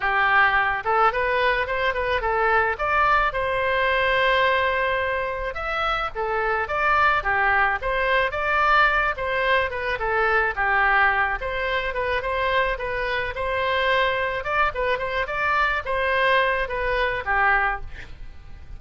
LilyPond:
\new Staff \with { instrumentName = "oboe" } { \time 4/4 \tempo 4 = 108 g'4. a'8 b'4 c''8 b'8 | a'4 d''4 c''2~ | c''2 e''4 a'4 | d''4 g'4 c''4 d''4~ |
d''8 c''4 b'8 a'4 g'4~ | g'8 c''4 b'8 c''4 b'4 | c''2 d''8 b'8 c''8 d''8~ | d''8 c''4. b'4 g'4 | }